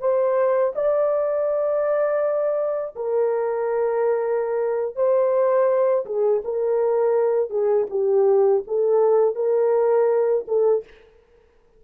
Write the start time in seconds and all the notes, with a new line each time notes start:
0.00 C5
0.75 D5
2.96 A#4
4.96 C5
6.06 G#4
6.44 A#4
7.50 G#4
7.90 G4
8.67 A4
9.36 A#4
10.47 A4